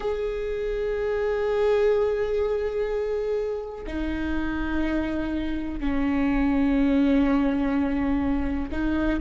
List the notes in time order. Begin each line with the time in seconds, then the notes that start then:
0.00 G#4
3.86 D#4
5.80 C#4
8.71 D#4